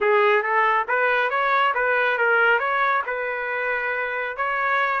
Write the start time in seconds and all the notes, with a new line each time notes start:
0.00 G#4
0.42 A4
0.88 B4
1.29 C#5
1.74 B4
2.17 A#4
2.59 C#5
3.06 B4
4.36 C#5